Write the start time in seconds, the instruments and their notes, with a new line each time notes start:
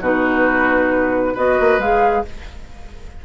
0.00 bassoon B2, clarinet D#4, oboe F#4, flute B4
1.34 bassoon B3, clarinet F#4, oboe B4, flute D#5
1.60 bassoon A#3
1.78 bassoon G#3, clarinet G#4, flute F5